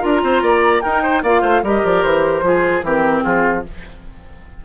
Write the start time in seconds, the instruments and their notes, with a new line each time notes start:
0.00 bassoon D4, clarinet F4, oboe A#4, flute A#5
0.22 bassoon C4, oboe C5
0.41 bassoon A#3, oboe D5
0.81 clarinet D#4, bassoon D#4, oboe A#4, flute G5
1.02 oboe C5
1.22 bassoon A#3, clarinet F4, oboe D5, flute F5
1.41 bassoon A3, oboe C5
1.62 bassoon G3, clarinet G4, oboe A#4, flute D#5
1.84 bassoon F3, flute D5
2.02 bassoon E3, flute C5
2.42 bassoon F3, clarinet F4, oboe G#4
2.82 bassoon E3, clarinet C4, oboe G4, flute A#4
3.22 bassoon F3, oboe F4, flute G#4